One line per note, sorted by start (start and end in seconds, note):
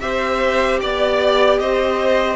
0.00 0.81 C4
0.00 2.36 G4
0.00 0.80 C5
0.00 0.79 E5
0.80 1.60 B3
0.80 1.59 D5
0.80 1.60 D5
1.60 2.36 C4
1.60 2.36 C5
1.60 2.36 D#5